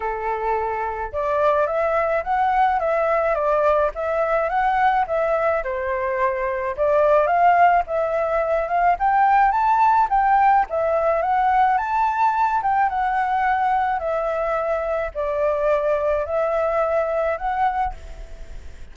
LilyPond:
\new Staff \with { instrumentName = "flute" } { \time 4/4 \tempo 4 = 107 a'2 d''4 e''4 | fis''4 e''4 d''4 e''4 | fis''4 e''4 c''2 | d''4 f''4 e''4. f''8 |
g''4 a''4 g''4 e''4 | fis''4 a''4. g''8 fis''4~ | fis''4 e''2 d''4~ | d''4 e''2 fis''4 | }